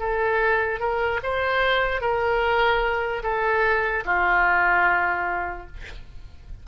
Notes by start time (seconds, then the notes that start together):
0.00 A4
0.80 A#4
1.23 C5
2.01 A#4
3.23 A4
4.05 F4